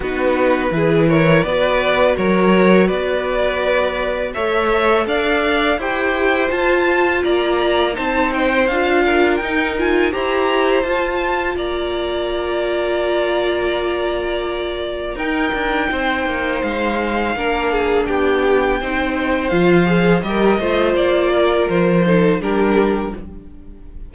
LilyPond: <<
  \new Staff \with { instrumentName = "violin" } { \time 4/4 \tempo 4 = 83 b'4. cis''8 d''4 cis''4 | d''2 e''4 f''4 | g''4 a''4 ais''4 a''8 g''8 | f''4 g''8 gis''8 ais''4 a''4 |
ais''1~ | ais''4 g''2 f''4~ | f''4 g''2 f''4 | dis''4 d''4 c''4 ais'4 | }
  \new Staff \with { instrumentName = "violin" } { \time 4/4 fis'4 gis'8 ais'8 b'4 ais'4 | b'2 cis''4 d''4 | c''2 d''4 c''4~ | c''8 ais'4. c''2 |
d''1~ | d''4 ais'4 c''2 | ais'8 gis'8 g'4 c''2 | ais'8 c''4 ais'4 a'8 g'4 | }
  \new Staff \with { instrumentName = "viola" } { \time 4/4 dis'4 e'4 fis'2~ | fis'2 a'2 | g'4 f'2 dis'4 | f'4 dis'8 f'8 g'4 f'4~ |
f'1~ | f'4 dis'2. | d'2 dis'4 f'8 gis'8 | g'8 f'2 dis'8 d'4 | }
  \new Staff \with { instrumentName = "cello" } { \time 4/4 b4 e4 b4 fis4 | b2 a4 d'4 | e'4 f'4 ais4 c'4 | d'4 dis'4 e'4 f'4 |
ais1~ | ais4 dis'8 d'8 c'8 ais8 gis4 | ais4 b4 c'4 f4 | g8 a8 ais4 f4 g4 | }
>>